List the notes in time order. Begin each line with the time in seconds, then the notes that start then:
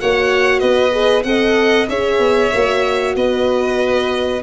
0.00 A#3 F#4 C#5 F#5
0.59 B3 B4 D#5
0.92 G#4
1.23 C4 A4 D#5 F#5
1.88 C#4 G#4 C#5 E5
2.19 B3
2.53 A#3 F#4
3.15 B3 B4 D#5